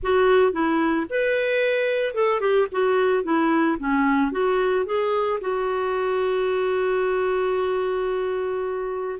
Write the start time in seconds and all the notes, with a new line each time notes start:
0.02 F#4
0.52 E4
1.09 B4
2.14 A4
2.40 G4
2.71 F#4
3.23 E4
3.78 C#4
4.31 F#4
4.85 G#4
5.41 F#4